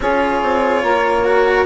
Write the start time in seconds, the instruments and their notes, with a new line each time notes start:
0.00 bassoon C#4, cello F4, saxophone G#4, violin C#5
0.42 bassoon C4
0.82 bassoon A#3, saxophone A#4
1.24 cello F#4